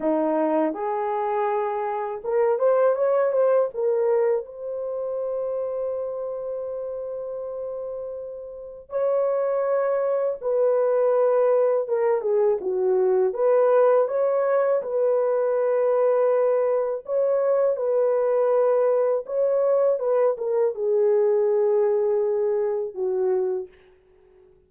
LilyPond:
\new Staff \with { instrumentName = "horn" } { \time 4/4 \tempo 4 = 81 dis'4 gis'2 ais'8 c''8 | cis''8 c''8 ais'4 c''2~ | c''1 | cis''2 b'2 |
ais'8 gis'8 fis'4 b'4 cis''4 | b'2. cis''4 | b'2 cis''4 b'8 ais'8 | gis'2. fis'4 | }